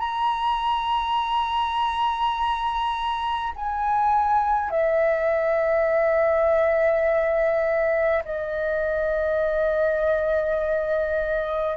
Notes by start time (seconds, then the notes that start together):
0.00 A#5
3.56 G#5
4.71 E5
8.25 D#5